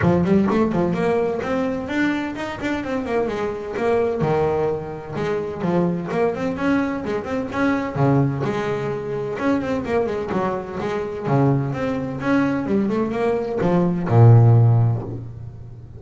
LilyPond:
\new Staff \with { instrumentName = "double bass" } { \time 4/4 \tempo 4 = 128 f8 g8 a8 f8 ais4 c'4 | d'4 dis'8 d'8 c'8 ais8 gis4 | ais4 dis2 gis4 | f4 ais8 c'8 cis'4 gis8 c'8 |
cis'4 cis4 gis2 | cis'8 c'8 ais8 gis8 fis4 gis4 | cis4 c'4 cis'4 g8 a8 | ais4 f4 ais,2 | }